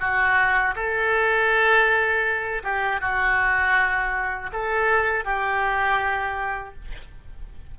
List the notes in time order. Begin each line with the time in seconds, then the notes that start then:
0.00 F#4
0.76 A4
2.64 G4
3.01 F#4
4.53 A4
5.25 G4